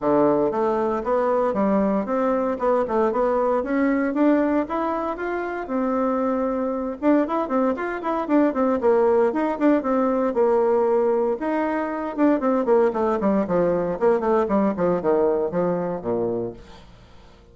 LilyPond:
\new Staff \with { instrumentName = "bassoon" } { \time 4/4 \tempo 4 = 116 d4 a4 b4 g4 | c'4 b8 a8 b4 cis'4 | d'4 e'4 f'4 c'4~ | c'4. d'8 e'8 c'8 f'8 e'8 |
d'8 c'8 ais4 dis'8 d'8 c'4 | ais2 dis'4. d'8 | c'8 ais8 a8 g8 f4 ais8 a8 | g8 f8 dis4 f4 ais,4 | }